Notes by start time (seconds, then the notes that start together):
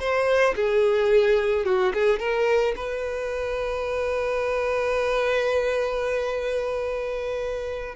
0.00 C5
0.56 G#4
1.65 F#4
1.94 G#4
2.20 A#4
2.76 B4